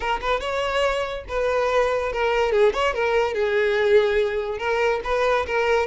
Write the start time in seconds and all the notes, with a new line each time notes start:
0.00 A#4
0.21 B4
0.40 C#5
1.28 B4
2.12 A#4
2.52 G#4
2.73 C#5
2.94 A#4
3.34 G#4
4.58 A#4
5.03 B4
5.46 A#4